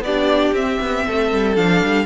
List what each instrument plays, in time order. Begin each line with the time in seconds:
0.00 cello B3, violin D5
0.06 viola D4, violin G4
0.53 cello C4, viola C4, violin E5
0.80 cello B3
1.06 cello A3, violin A4
1.32 cello G3
1.56 cello F3, viola D4, violin F5
1.82 cello G3